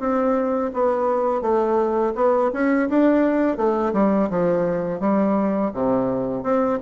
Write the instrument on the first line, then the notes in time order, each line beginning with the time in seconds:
bassoon
0.00 C4
0.74 B3
1.42 A3
2.16 B3
2.54 C#4
2.90 D4
3.57 A3
3.94 G3
4.30 F3
5.00 G3
5.74 C3
6.44 C4